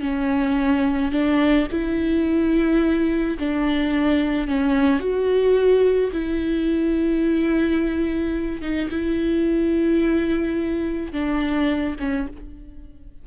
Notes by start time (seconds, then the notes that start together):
0.00 C#4
1.11 D4
1.71 E4
3.38 D4
4.47 C#4
4.99 F#4
6.12 E4
8.61 D#4
8.90 E4
11.12 D4
11.99 C#4